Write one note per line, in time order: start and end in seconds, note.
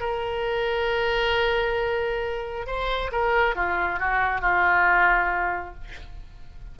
0.00 2.67 A#4
2.67 3.11 C5
3.12 3.55 A#4
3.55 4.00 F4
4.00 4.41 F#4
4.41 5.75 F4